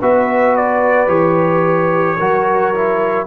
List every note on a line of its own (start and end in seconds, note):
0.00 1.08 B3
0.00 1.07 F#4
0.00 2.17 B4
0.00 0.56 E5
0.56 1.09 D5
1.07 2.17 E3
1.07 2.17 G4
1.07 3.27 C#5
2.17 3.27 F#3
2.17 2.74 F#4
2.17 3.26 A#4
2.75 3.27 E4